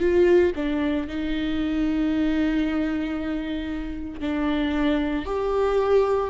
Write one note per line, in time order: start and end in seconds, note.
0.00 0.53 F4
0.56 1.08 D4
1.08 4.20 D#4
4.20 5.25 D4
5.25 6.30 G4